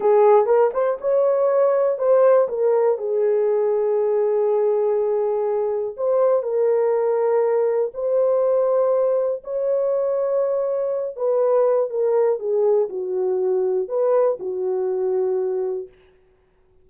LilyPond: \new Staff \with { instrumentName = "horn" } { \time 4/4 \tempo 4 = 121 gis'4 ais'8 c''8 cis''2 | c''4 ais'4 gis'2~ | gis'1 | c''4 ais'2. |
c''2. cis''4~ | cis''2~ cis''8 b'4. | ais'4 gis'4 fis'2 | b'4 fis'2. | }